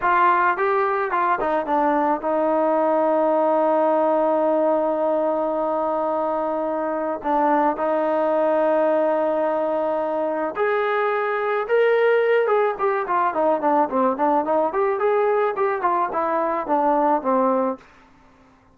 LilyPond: \new Staff \with { instrumentName = "trombone" } { \time 4/4 \tempo 4 = 108 f'4 g'4 f'8 dis'8 d'4 | dis'1~ | dis'1~ | dis'4 d'4 dis'2~ |
dis'2. gis'4~ | gis'4 ais'4. gis'8 g'8 f'8 | dis'8 d'8 c'8 d'8 dis'8 g'8 gis'4 | g'8 f'8 e'4 d'4 c'4 | }